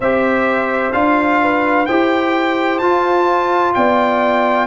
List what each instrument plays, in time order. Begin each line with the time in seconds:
0.00 tuba C4, trombone G4, horn C5, trumpet E5
0.92 tuba D4, trombone F4, trumpet F5
1.42 horn B4
1.86 tuba E4, trombone G4, horn C5, trumpet G5
2.78 tuba F4, trombone F4, trumpet A5
3.74 tuba B3, horn D5, trumpet G5